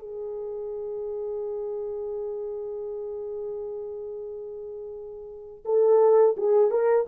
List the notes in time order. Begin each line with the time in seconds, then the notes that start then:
0.00 G#4
5.66 A4
6.38 G#4
6.71 A#4